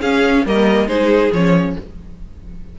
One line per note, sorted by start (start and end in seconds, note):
0.00 0.45 C#4
0.00 0.43 G#4
0.00 0.45 F5
0.45 0.86 G3
0.45 0.88 A#3
0.45 0.87 A#4
0.45 0.88 D#5
0.86 1.29 G#3
0.86 1.31 D#4
0.86 1.74 G#4
0.86 1.31 C5
1.32 1.76 F3
1.32 1.78 C#4
1.32 1.77 C#5